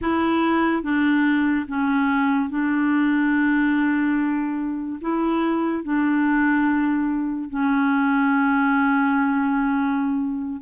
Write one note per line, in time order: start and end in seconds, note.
0.01 0.82 E4
0.82 1.66 D4
1.68 2.49 C#4
2.49 4.99 D4
5.01 5.83 E4
5.83 7.49 D4
7.49 10.61 C#4